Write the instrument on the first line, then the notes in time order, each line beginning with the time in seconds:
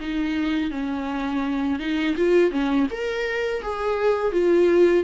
viola
0.00 D#4
0.71 C#4
1.79 D#4
2.17 F4
2.51 C#4
2.91 A#4
3.62 G#4
4.32 F4